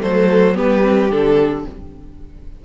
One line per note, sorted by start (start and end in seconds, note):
0.00 0.58 F#3
0.00 0.54 A3
0.00 0.55 A4
0.00 0.57 C5
0.54 1.10 G3
0.54 0.81 B3
0.54 1.64 G4
0.54 1.10 B4
0.82 1.09 C4
1.10 1.65 D3
1.10 1.65 D4
1.10 1.65 A4